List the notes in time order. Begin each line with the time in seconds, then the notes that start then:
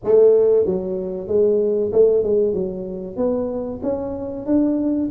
0.04 A3
0.65 F#3
1.27 G#3
1.92 A3
2.23 G#3
2.53 F#3
3.16 B3
3.82 C#4
4.46 D4